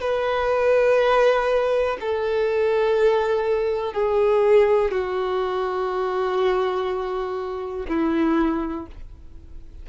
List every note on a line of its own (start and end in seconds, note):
0.00 1.97 B4
2.00 3.93 A4
3.93 4.91 G#4
4.91 7.86 F#4
7.88 8.86 E4